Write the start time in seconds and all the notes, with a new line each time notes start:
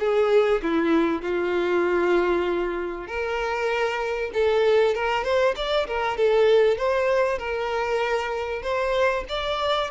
0.00 G#4
0.63 E4
1.22 F4
3.08 A#4
4.34 A4
4.95 A#4
5.24 C5
5.56 D5
5.88 A#4
6.18 A4
6.78 C5
7.39 A#4
8.63 C5
9.29 D5